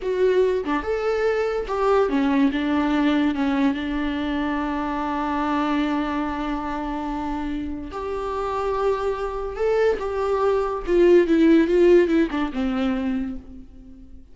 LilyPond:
\new Staff \with { instrumentName = "viola" } { \time 4/4 \tempo 4 = 144 fis'4. d'8 a'2 | g'4 cis'4 d'2 | cis'4 d'2.~ | d'1~ |
d'2. g'4~ | g'2. a'4 | g'2 f'4 e'4 | f'4 e'8 d'8 c'2 | }